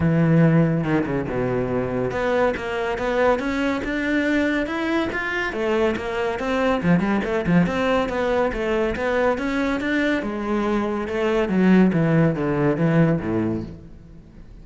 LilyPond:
\new Staff \with { instrumentName = "cello" } { \time 4/4 \tempo 4 = 141 e2 dis8 cis8 b,4~ | b,4 b4 ais4 b4 | cis'4 d'2 e'4 | f'4 a4 ais4 c'4 |
f8 g8 a8 f8 c'4 b4 | a4 b4 cis'4 d'4 | gis2 a4 fis4 | e4 d4 e4 a,4 | }